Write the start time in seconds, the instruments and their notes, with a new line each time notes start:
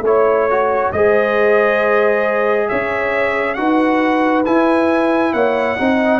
0.00 tuba A3, trombone E4, trumpet C#5, horn C#5
0.49 trombone F#4
0.91 tuba G#3, trombone G#4, horn C5, trumpet D#5
2.68 tuba C#4, horn C#5, trumpet E5
3.53 tuba D#4, trombone F#4, horn B4, trumpet F#5
4.45 trombone E4, tuba E4, trumpet G#5
5.33 tuba A#3, horn C#5, trumpet F#5
5.76 tuba C4, trombone D#4, horn D#5